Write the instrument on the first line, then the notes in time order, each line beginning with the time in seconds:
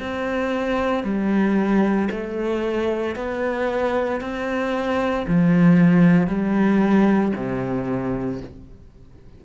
cello
0.00 C4
1.04 G3
2.11 A3
3.16 B3
4.21 C4
5.28 F3
6.28 G3
7.36 C3